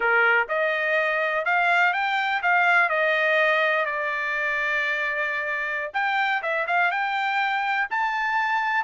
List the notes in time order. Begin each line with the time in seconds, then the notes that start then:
0.00 A#4
0.48 D#5
1.45 F5
1.93 G5
2.42 F5
2.89 D#5
3.85 D5
5.93 G5
6.42 E5
6.67 F5
6.91 G5
7.90 A5